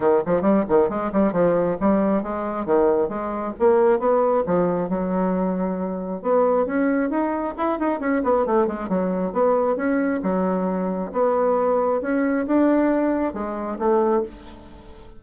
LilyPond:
\new Staff \with { instrumentName = "bassoon" } { \time 4/4 \tempo 4 = 135 dis8 f8 g8 dis8 gis8 g8 f4 | g4 gis4 dis4 gis4 | ais4 b4 f4 fis4~ | fis2 b4 cis'4 |
dis'4 e'8 dis'8 cis'8 b8 a8 gis8 | fis4 b4 cis'4 fis4~ | fis4 b2 cis'4 | d'2 gis4 a4 | }